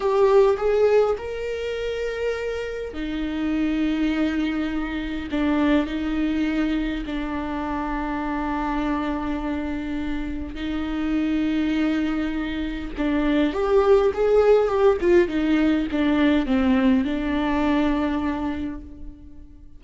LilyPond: \new Staff \with { instrumentName = "viola" } { \time 4/4 \tempo 4 = 102 g'4 gis'4 ais'2~ | ais'4 dis'2.~ | dis'4 d'4 dis'2 | d'1~ |
d'2 dis'2~ | dis'2 d'4 g'4 | gis'4 g'8 f'8 dis'4 d'4 | c'4 d'2. | }